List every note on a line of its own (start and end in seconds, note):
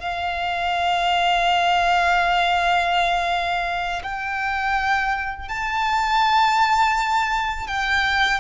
0.00 4.02 F5
4.03 5.49 G5
5.49 7.68 A5
7.68 8.40 G5